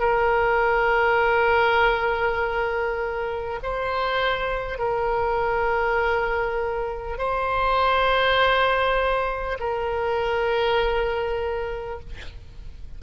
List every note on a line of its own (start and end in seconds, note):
0.00 3.60 A#4
3.63 4.78 C5
4.78 7.18 A#4
7.18 9.58 C5
9.60 12.00 A#4